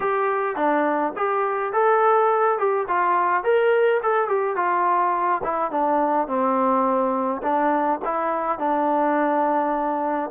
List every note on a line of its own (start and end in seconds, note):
0.00 0.56 G4
0.56 1.13 D4
1.16 1.72 G4
1.72 2.58 A4
2.58 2.86 G4
2.88 3.43 F4
3.43 4.00 A#4
4.02 4.28 A4
4.28 4.56 G4
4.56 5.41 F4
5.43 5.71 E4
5.71 6.27 D4
6.27 7.41 C4
7.42 7.99 D4
8.04 8.58 E4
8.58 10.30 D4